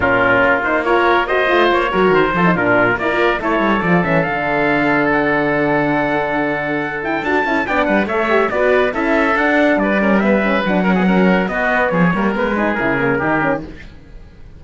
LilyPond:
<<
  \new Staff \with { instrumentName = "trumpet" } { \time 4/4 \tempo 4 = 141 ais'4. c''8 cis''4 dis''4 | cis''4 c''4 ais'4 d''4 | cis''4 d''8 e''8 f''2 | fis''1~ |
fis''8 g''8 a''4 g''8 fis''8 e''4 | d''4 e''4 fis''4 d''4 | e''4 fis''2 dis''4 | cis''4 b'4 ais'2 | }
  \new Staff \with { instrumentName = "oboe" } { \time 4/4 f'2 ais'4 c''4~ | c''8 ais'4 a'8 f'4 ais'4 | a'1~ | a'1~ |
a'2 d''8 b'8 cis''4 | b'4 a'2 b'8 ais'8 | b'4. ais'16 gis'16 ais'4 fis'4 | gis'8 ais'4 gis'4. g'4 | }
  \new Staff \with { instrumentName = "horn" } { \time 4/4 cis'4. dis'8 f'4 fis'8 f'8~ | f'8 fis'4 f'16 dis'16 d'4 e'16 f'8. | e'4 f'8 cis'8 d'2~ | d'1~ |
d'8 e'8 fis'8 e'8 d'4 a'8 g'8 | fis'4 e'4 d'4. cis'8 | b8 cis'8 d'8 cis'16 b16 cis'4 b4~ | b8 ais8 b8 dis'8 e'8 ais8 dis'8 cis'8 | }
  \new Staff \with { instrumentName = "cello" } { \time 4/4 ais,4 ais2~ ais8 a8 | ais8 fis8 dis8 f8 ais,4 ais4 | a8 g8 f8 e8 d2~ | d1~ |
d4 d'8 cis'8 b8 g8 a4 | b4 cis'4 d'4 g4~ | g4 fis2 b4 | f8 g8 gis4 cis4 dis4 | }
>>